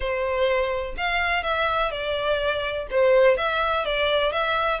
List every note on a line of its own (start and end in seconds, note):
0.00 0.95 C5
0.97 1.43 F5
1.43 1.91 E5
1.91 2.87 D5
2.90 3.37 C5
3.37 3.85 E5
3.85 4.32 D5
4.32 4.80 E5